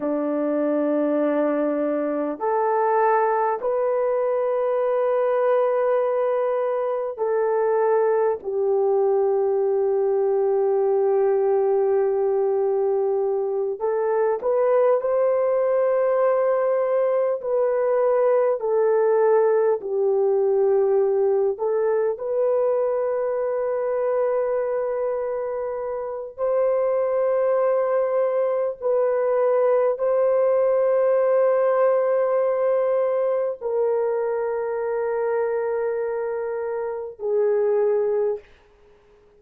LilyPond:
\new Staff \with { instrumentName = "horn" } { \time 4/4 \tempo 4 = 50 d'2 a'4 b'4~ | b'2 a'4 g'4~ | g'2.~ g'8 a'8 | b'8 c''2 b'4 a'8~ |
a'8 g'4. a'8 b'4.~ | b'2 c''2 | b'4 c''2. | ais'2. gis'4 | }